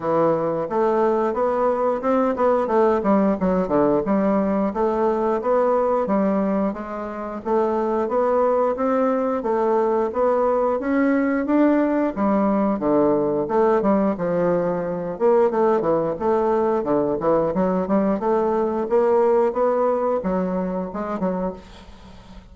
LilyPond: \new Staff \with { instrumentName = "bassoon" } { \time 4/4 \tempo 4 = 89 e4 a4 b4 c'8 b8 | a8 g8 fis8 d8 g4 a4 | b4 g4 gis4 a4 | b4 c'4 a4 b4 |
cis'4 d'4 g4 d4 | a8 g8 f4. ais8 a8 e8 | a4 d8 e8 fis8 g8 a4 | ais4 b4 fis4 gis8 fis8 | }